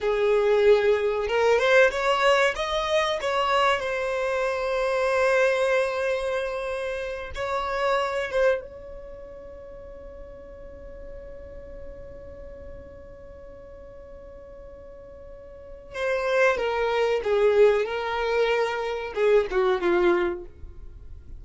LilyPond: \new Staff \with { instrumentName = "violin" } { \time 4/4 \tempo 4 = 94 gis'2 ais'8 c''8 cis''4 | dis''4 cis''4 c''2~ | c''2.~ c''8 cis''8~ | cis''4 c''8 cis''2~ cis''8~ |
cis''1~ | cis''1~ | cis''4 c''4 ais'4 gis'4 | ais'2 gis'8 fis'8 f'4 | }